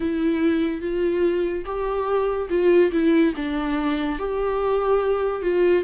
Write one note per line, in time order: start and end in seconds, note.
0.00 0.81 E4
0.81 1.64 F4
1.65 2.48 G4
2.49 2.91 F4
2.92 3.33 E4
3.35 4.19 D4
4.19 5.42 G4
5.42 5.83 F4